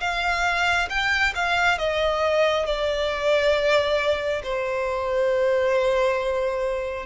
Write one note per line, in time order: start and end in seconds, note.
0.00 0.88 F5
0.89 1.33 G5
1.35 1.78 F5
1.78 2.66 D#5
2.66 4.42 D5
4.43 7.06 C5